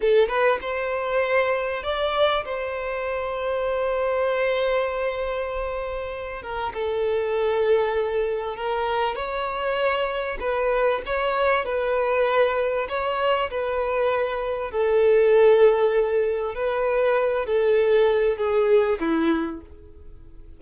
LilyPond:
\new Staff \with { instrumentName = "violin" } { \time 4/4 \tempo 4 = 98 a'8 b'8 c''2 d''4 | c''1~ | c''2~ c''8 ais'8 a'4~ | a'2 ais'4 cis''4~ |
cis''4 b'4 cis''4 b'4~ | b'4 cis''4 b'2 | a'2. b'4~ | b'8 a'4. gis'4 e'4 | }